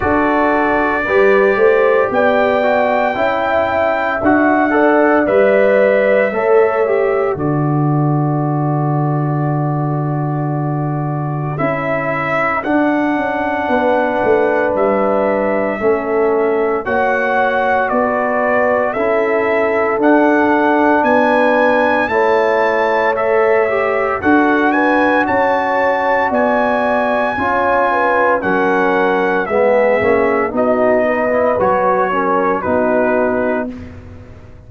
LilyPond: <<
  \new Staff \with { instrumentName = "trumpet" } { \time 4/4 \tempo 4 = 57 d''2 g''2 | fis''4 e''2 d''4~ | d''2. e''4 | fis''2 e''2 |
fis''4 d''4 e''4 fis''4 | gis''4 a''4 e''4 fis''8 gis''8 | a''4 gis''2 fis''4 | e''4 dis''4 cis''4 b'4 | }
  \new Staff \with { instrumentName = "horn" } { \time 4/4 a'4 b'8 c''8 d''4 e''4~ | e''8 d''4. cis''4 a'4~ | a'1~ | a'4 b'2 a'4 |
cis''4 b'4 a'2 | b'4 cis''2 a'8 b'8 | cis''4 d''4 cis''8 b'8 ais'4 | gis'4 fis'8 b'4 ais'8 fis'4 | }
  \new Staff \with { instrumentName = "trombone" } { \time 4/4 fis'4 g'4. fis'8 e'4 | fis'8 a'8 b'4 a'8 g'8 fis'4~ | fis'2. e'4 | d'2. cis'4 |
fis'2 e'4 d'4~ | d'4 e'4 a'8 g'8 fis'4~ | fis'2 f'4 cis'4 | b8 cis'8 dis'8. e'16 fis'8 cis'8 dis'4 | }
  \new Staff \with { instrumentName = "tuba" } { \time 4/4 d'4 g8 a8 b4 cis'4 | d'4 g4 a4 d4~ | d2. cis'4 | d'8 cis'8 b8 a8 g4 a4 |
ais4 b4 cis'4 d'4 | b4 a2 d'4 | cis'4 b4 cis'4 fis4 | gis8 ais8 b4 fis4 b4 | }
>>